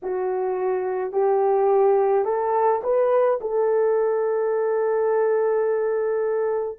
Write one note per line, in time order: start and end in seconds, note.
0.02 1.12 F#4
1.12 2.24 G4
2.24 2.81 A4
2.83 3.40 B4
3.41 6.79 A4